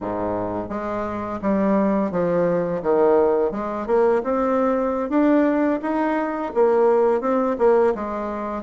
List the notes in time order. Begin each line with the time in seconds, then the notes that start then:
0.00 G#2
0.69 G#3
1.41 G3
2.11 F3
2.82 D#3
3.51 G#3
3.86 A#3
4.23 C4
5.09 D4
5.81 D#4
6.54 A#3
7.21 C4
7.58 A#3
7.94 G#3